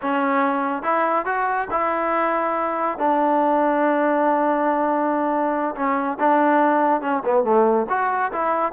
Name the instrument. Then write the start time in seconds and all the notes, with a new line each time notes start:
trombone
0.02 C#4
0.83 E4
1.25 F#4
1.70 E4
2.98 D4
5.75 C#4
6.19 D4
7.01 C#4
7.24 B3
7.44 A3
7.89 F#4
8.32 E4